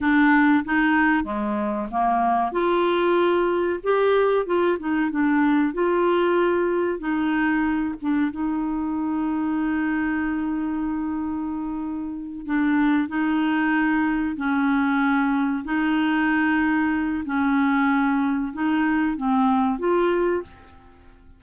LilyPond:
\new Staff \with { instrumentName = "clarinet" } { \time 4/4 \tempo 4 = 94 d'4 dis'4 gis4 ais4 | f'2 g'4 f'8 dis'8 | d'4 f'2 dis'4~ | dis'8 d'8 dis'2.~ |
dis'2.~ dis'8 d'8~ | d'8 dis'2 cis'4.~ | cis'8 dis'2~ dis'8 cis'4~ | cis'4 dis'4 c'4 f'4 | }